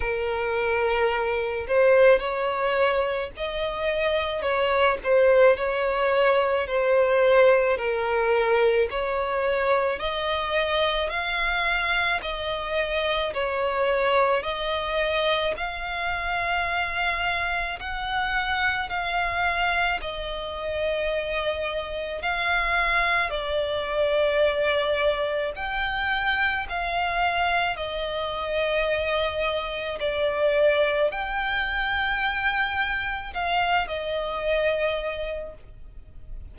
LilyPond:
\new Staff \with { instrumentName = "violin" } { \time 4/4 \tempo 4 = 54 ais'4. c''8 cis''4 dis''4 | cis''8 c''8 cis''4 c''4 ais'4 | cis''4 dis''4 f''4 dis''4 | cis''4 dis''4 f''2 |
fis''4 f''4 dis''2 | f''4 d''2 g''4 | f''4 dis''2 d''4 | g''2 f''8 dis''4. | }